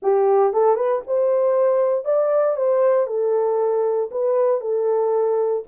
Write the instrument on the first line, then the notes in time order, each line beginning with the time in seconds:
horn
0.02 G4
0.53 A4
0.75 B4
1.06 C5
2.05 D5
2.56 C5
3.07 A4
4.11 B4
4.60 A4